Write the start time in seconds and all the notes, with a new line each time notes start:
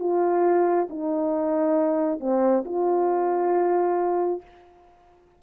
0.00 F4
0.90 D#4
2.21 C4
2.66 F4